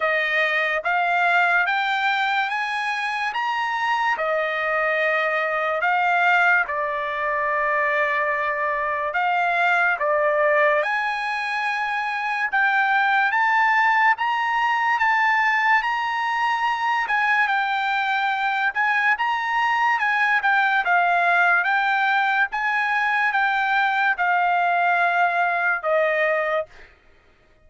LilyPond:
\new Staff \with { instrumentName = "trumpet" } { \time 4/4 \tempo 4 = 72 dis''4 f''4 g''4 gis''4 | ais''4 dis''2 f''4 | d''2. f''4 | d''4 gis''2 g''4 |
a''4 ais''4 a''4 ais''4~ | ais''8 gis''8 g''4. gis''8 ais''4 | gis''8 g''8 f''4 g''4 gis''4 | g''4 f''2 dis''4 | }